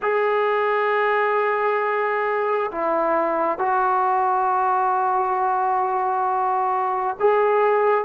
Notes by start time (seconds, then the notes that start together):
0.02 G#4
2.71 E4
3.58 F#4
7.19 G#4